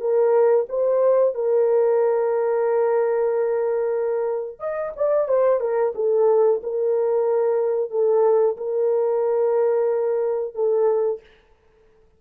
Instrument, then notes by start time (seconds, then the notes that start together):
horn
0.00 A#4
0.69 C5
1.34 A#4
4.59 D#5
4.96 D5
5.28 C5
5.60 A#4
5.95 A4
6.63 A#4
7.91 A4
8.57 A#4
10.54 A4